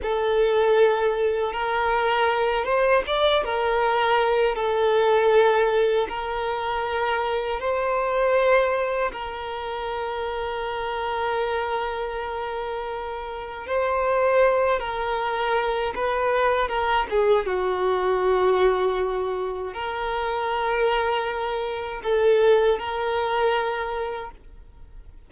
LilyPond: \new Staff \with { instrumentName = "violin" } { \time 4/4 \tempo 4 = 79 a'2 ais'4. c''8 | d''8 ais'4. a'2 | ais'2 c''2 | ais'1~ |
ais'2 c''4. ais'8~ | ais'4 b'4 ais'8 gis'8 fis'4~ | fis'2 ais'2~ | ais'4 a'4 ais'2 | }